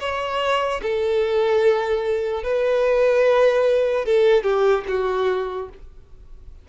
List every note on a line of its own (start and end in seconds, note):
0.00 0.81 C#5
0.83 2.44 A4
2.44 4.06 B4
4.06 4.44 A4
4.44 4.84 G4
4.88 5.69 F#4